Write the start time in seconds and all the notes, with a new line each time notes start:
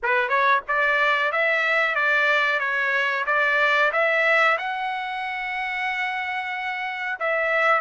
0.03 B4
0.28 C#5
0.68 D5
1.32 E5
1.95 D5
2.59 C#5
3.26 D5
3.92 E5
4.57 F#5
7.19 E5